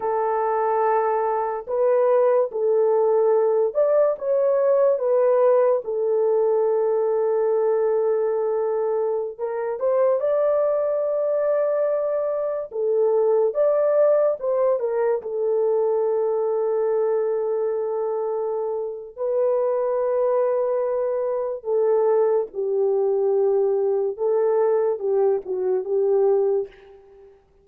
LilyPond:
\new Staff \with { instrumentName = "horn" } { \time 4/4 \tempo 4 = 72 a'2 b'4 a'4~ | a'8 d''8 cis''4 b'4 a'4~ | a'2.~ a'16 ais'8 c''16~ | c''16 d''2. a'8.~ |
a'16 d''4 c''8 ais'8 a'4.~ a'16~ | a'2. b'4~ | b'2 a'4 g'4~ | g'4 a'4 g'8 fis'8 g'4 | }